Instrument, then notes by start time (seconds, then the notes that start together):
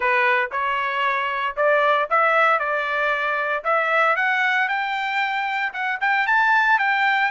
trumpet
0.00 B4
0.51 C#5
1.56 D5
2.10 E5
2.59 D5
3.64 E5
4.16 F#5
4.68 G5
5.72 F#5
6.00 G5
6.26 A5
6.78 G5